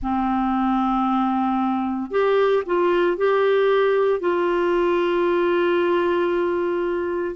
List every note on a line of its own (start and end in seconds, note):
0.02 2.11 C4
2.11 2.63 G4
2.66 3.17 F4
3.17 4.20 G4
4.20 7.35 F4